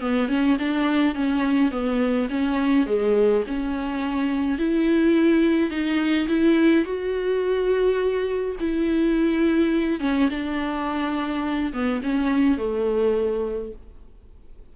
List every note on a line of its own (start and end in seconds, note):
0.00 0.28 B3
0.28 0.57 C#4
0.58 1.15 D4
1.15 1.71 C#4
1.71 2.28 B3
2.29 2.86 C#4
2.86 3.43 G#3
3.47 4.58 C#4
4.58 5.70 E4
5.70 6.27 D#4
6.28 6.84 E4
6.84 8.56 F#4
8.60 10.00 E4
10.00 10.28 C#4
10.30 11.73 D4
11.73 12.01 B3
12.03 12.57 C#4
12.57 13.72 A3